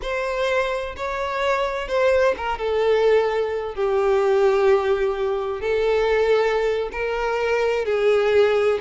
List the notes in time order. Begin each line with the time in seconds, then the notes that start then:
0.01 C5
0.96 C#5
1.87 C5
2.37 A#4
2.58 A4
3.74 G4
5.60 A4
6.91 A#4
7.85 G#4